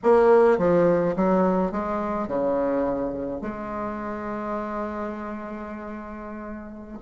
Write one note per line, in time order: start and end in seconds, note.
0.03 0.58 A#3
0.58 1.15 F3
1.16 1.71 F#3
1.71 2.27 G#3
2.27 3.41 C#3
3.41 6.98 G#3